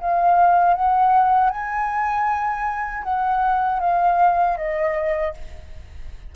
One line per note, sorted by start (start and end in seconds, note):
0.00 0.73 F5
0.73 1.50 F#5
1.50 3.03 G#5
3.03 3.80 F#5
3.80 4.57 F5
4.57 5.34 D#5